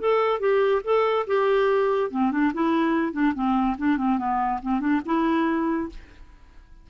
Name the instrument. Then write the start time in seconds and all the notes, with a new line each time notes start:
clarinet
0.00 A4
0.40 G4
0.84 A4
1.27 G4
2.11 C4
2.32 D4
2.54 E4
3.13 D4
3.35 C4
3.78 D4
3.98 C4
4.18 B3
4.62 C4
4.80 D4
5.05 E4